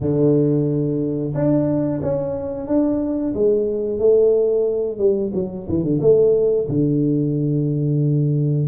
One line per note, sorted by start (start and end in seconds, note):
0.00 1.34 D3
1.34 2.01 D4
2.02 2.67 C#4
2.67 3.33 D4
3.34 3.98 G#3
3.98 4.98 A3
4.98 5.31 G3
5.34 5.67 F#3
5.68 5.83 E3
5.83 6.00 D3
6.00 6.67 A3
6.68 8.68 D3